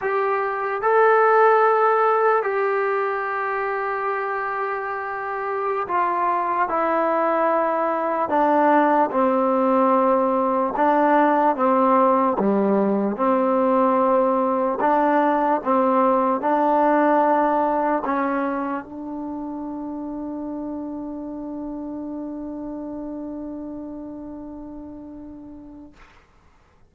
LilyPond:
\new Staff \with { instrumentName = "trombone" } { \time 4/4 \tempo 4 = 74 g'4 a'2 g'4~ | g'2.~ g'16 f'8.~ | f'16 e'2 d'4 c'8.~ | c'4~ c'16 d'4 c'4 g8.~ |
g16 c'2 d'4 c'8.~ | c'16 d'2 cis'4 d'8.~ | d'1~ | d'1 | }